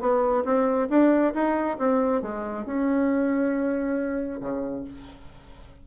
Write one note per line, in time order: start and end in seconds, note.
0.00 0.44 B3
0.44 0.88 C4
0.89 1.33 D4
1.34 1.77 D#4
1.78 2.22 C4
2.22 2.66 G#3
2.66 4.40 C#4
4.40 4.84 C#3